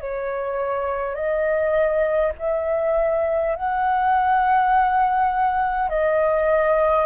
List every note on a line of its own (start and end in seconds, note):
0.00 1.14 C#5
1.14 2.32 D#5
2.39 3.56 E5
3.56 5.89 F#5
5.89 7.05 D#5